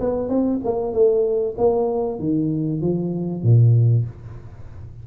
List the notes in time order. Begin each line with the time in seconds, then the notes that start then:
0.00 B3
0.29 C4
0.64 A#3
0.93 A3
1.57 A#3
2.19 D#3
2.81 F3
3.43 A#2